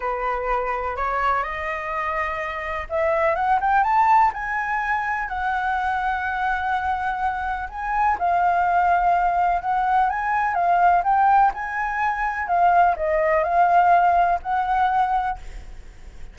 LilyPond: \new Staff \with { instrumentName = "flute" } { \time 4/4 \tempo 4 = 125 b'2 cis''4 dis''4~ | dis''2 e''4 fis''8 g''8 | a''4 gis''2 fis''4~ | fis''1 |
gis''4 f''2. | fis''4 gis''4 f''4 g''4 | gis''2 f''4 dis''4 | f''2 fis''2 | }